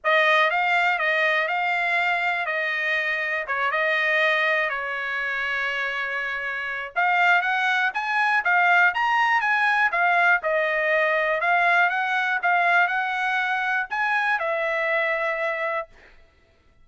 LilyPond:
\new Staff \with { instrumentName = "trumpet" } { \time 4/4 \tempo 4 = 121 dis''4 f''4 dis''4 f''4~ | f''4 dis''2 cis''8 dis''8~ | dis''4. cis''2~ cis''8~ | cis''2 f''4 fis''4 |
gis''4 f''4 ais''4 gis''4 | f''4 dis''2 f''4 | fis''4 f''4 fis''2 | gis''4 e''2. | }